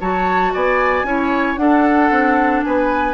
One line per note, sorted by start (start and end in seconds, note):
0.00 0.53 F#3
0.00 1.05 F#4
0.00 0.53 C#5
0.00 0.53 A5
0.53 1.03 B3
0.53 1.06 D5
0.53 1.56 G#5
1.03 1.55 C#4
1.03 1.57 E4
1.03 1.60 C#5
1.56 3.14 D4
1.56 2.10 D4
1.56 2.65 A4
1.56 2.62 F#5
2.10 2.63 C4
2.63 3.14 B3
2.63 3.14 B4
2.63 3.14 G#5